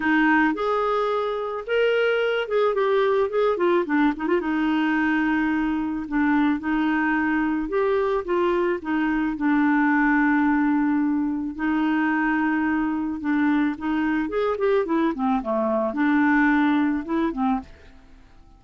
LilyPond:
\new Staff \with { instrumentName = "clarinet" } { \time 4/4 \tempo 4 = 109 dis'4 gis'2 ais'4~ | ais'8 gis'8 g'4 gis'8 f'8 d'8 dis'16 f'16 | dis'2. d'4 | dis'2 g'4 f'4 |
dis'4 d'2.~ | d'4 dis'2. | d'4 dis'4 gis'8 g'8 e'8 c'8 | a4 d'2 e'8 c'8 | }